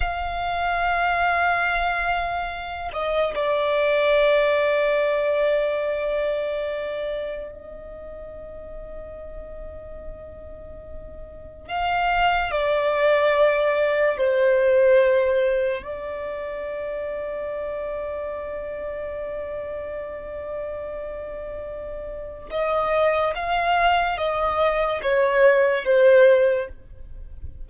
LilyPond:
\new Staff \with { instrumentName = "violin" } { \time 4/4 \tempo 4 = 72 f''2.~ f''8 dis''8 | d''1~ | d''4 dis''2.~ | dis''2 f''4 d''4~ |
d''4 c''2 d''4~ | d''1~ | d''2. dis''4 | f''4 dis''4 cis''4 c''4 | }